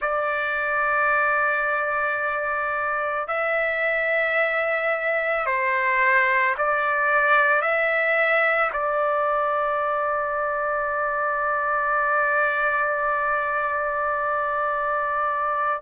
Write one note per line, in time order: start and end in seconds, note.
0.01 3.27 D5
3.27 5.45 E5
5.45 6.55 C5
6.57 7.61 D5
7.61 8.70 E5
8.73 15.82 D5